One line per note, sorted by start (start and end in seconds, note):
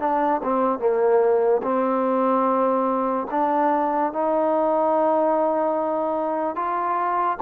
0.00 0.41 D4
0.43 0.80 C4
0.80 1.62 A#3
1.63 3.27 C4
3.31 4.13 D4
4.13 6.56 D#4
6.56 7.38 F4